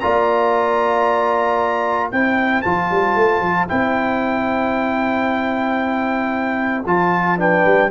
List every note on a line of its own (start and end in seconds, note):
0.00 2.12 A#3
0.00 2.13 F4
0.00 2.10 D5
0.00 2.11 A#5
2.10 2.65 C4
2.10 2.65 E4
2.10 7.36 C5
2.10 2.62 G5
2.62 2.91 F3
2.62 3.68 F4
2.62 3.67 A5
2.91 3.16 G3
3.16 3.41 A3
3.41 3.67 F3
3.68 6.86 C4
3.68 6.84 E4
3.68 6.85 G5
6.86 7.65 F3
6.86 7.38 F4
6.86 7.40 A5
7.38 7.91 D4
7.38 7.91 B4
7.38 7.91 G5
7.66 7.91 G3